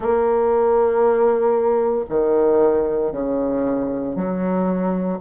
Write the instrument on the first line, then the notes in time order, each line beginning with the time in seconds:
bassoon
0.00 A#3
2.09 D#3
3.12 C#3
4.15 F#3